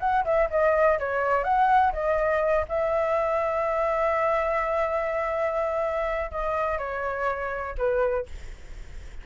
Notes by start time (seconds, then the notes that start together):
0.00 F#5
0.25 E5
0.50 D#5
0.99 C#5
1.44 F#5
1.93 D#5
2.69 E5
6.31 D#5
6.78 C#5
7.77 B4